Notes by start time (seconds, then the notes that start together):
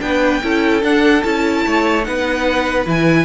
0.00 B3 D4 B4 G5
0.42 C#4 E4 A4
0.82 D4 F#5
1.23 C#4 E4 A5
1.66 A3 C#5
2.03 B3 D#4 B4 F#5
2.86 E3 E4 G#5